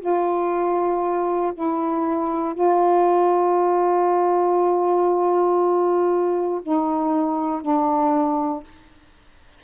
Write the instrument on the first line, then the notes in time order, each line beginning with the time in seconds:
saxophone
0.00 F4
1.54 E4
2.54 F4
6.63 D#4
7.62 D4